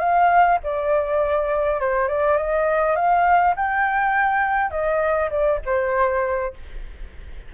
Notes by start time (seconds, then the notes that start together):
0.00 F5
0.64 D5
1.81 C5
2.09 D5
2.38 D#5
2.96 F5
3.56 G5
4.71 D#5
5.30 D5
5.66 C5